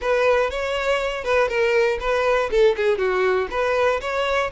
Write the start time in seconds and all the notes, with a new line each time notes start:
0.01 B4
0.50 C#5
1.24 B4
1.48 A#4
2.00 B4
2.50 A4
2.76 G#4
2.98 F#4
3.50 B4
4.00 C#5